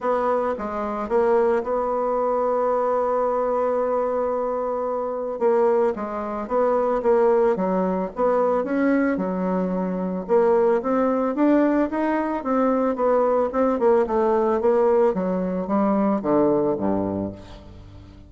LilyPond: \new Staff \with { instrumentName = "bassoon" } { \time 4/4 \tempo 4 = 111 b4 gis4 ais4 b4~ | b1~ | b2 ais4 gis4 | b4 ais4 fis4 b4 |
cis'4 fis2 ais4 | c'4 d'4 dis'4 c'4 | b4 c'8 ais8 a4 ais4 | fis4 g4 d4 g,4 | }